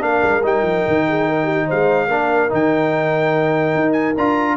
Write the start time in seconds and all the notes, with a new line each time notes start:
0.00 A#3 D4 A#4 F5
0.23 G#3
0.43 G3 D#4 G5
0.63 F3
0.87 D#3
1.08 G#4
1.29 A#4
1.44 G4
1.67 G#3 C5 F5
2.08 A#3 D4 A#4
2.49 D#3 D#4 G5
3.75 D#4
3.93 G#5
4.17 D4 F4 A#5